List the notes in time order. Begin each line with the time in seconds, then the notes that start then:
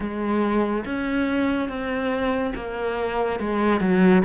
0.00 G#3
0.85 C#4
1.68 C4
2.55 A#3
3.39 G#3
3.80 F#3